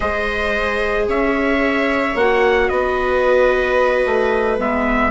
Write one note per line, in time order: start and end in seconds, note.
0.00 1.08 G#3
0.00 2.13 G#4
0.00 1.07 C5
0.00 1.07 D#5
1.08 2.15 C#4
1.08 2.71 C#5
1.08 2.16 E5
2.15 2.69 A#3
2.15 4.58 F#4
2.15 2.68 F#5
2.68 4.05 B3
2.68 5.11 B4
2.68 4.57 D#5
4.05 4.59 A3
4.58 5.11 G#3
4.58 5.11 B3
4.58 5.11 E5